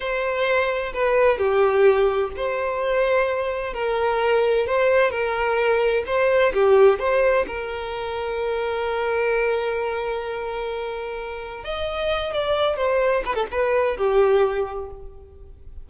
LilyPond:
\new Staff \with { instrumentName = "violin" } { \time 4/4 \tempo 4 = 129 c''2 b'4 g'4~ | g'4 c''2. | ais'2 c''4 ais'4~ | ais'4 c''4 g'4 c''4 |
ais'1~ | ais'1~ | ais'4 dis''4. d''4 c''8~ | c''8 b'16 a'16 b'4 g'2 | }